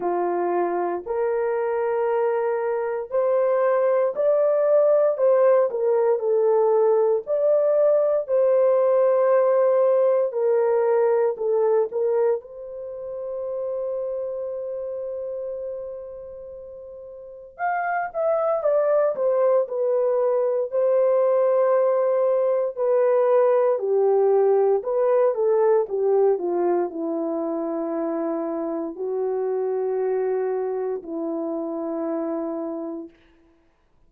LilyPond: \new Staff \with { instrumentName = "horn" } { \time 4/4 \tempo 4 = 58 f'4 ais'2 c''4 | d''4 c''8 ais'8 a'4 d''4 | c''2 ais'4 a'8 ais'8 | c''1~ |
c''4 f''8 e''8 d''8 c''8 b'4 | c''2 b'4 g'4 | b'8 a'8 g'8 f'8 e'2 | fis'2 e'2 | }